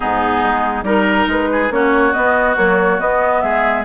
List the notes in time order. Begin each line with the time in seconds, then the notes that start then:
0.00 G#2 B3 D#4 G#4
0.43 G#3
0.83 G3 D#4 A#4
1.27 G#3 B4
1.51 G#4
1.70 A#3 C#4 F#4 C#5
2.13 B3 D#5
2.56 F#3 A#3 C#5
2.99 B3 D#5
3.41 G#3 G#4 E5